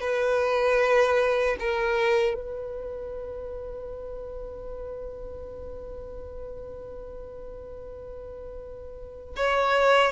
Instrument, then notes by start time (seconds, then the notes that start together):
violin
0.00 B4
1.59 A#4
2.34 B4
9.35 C#5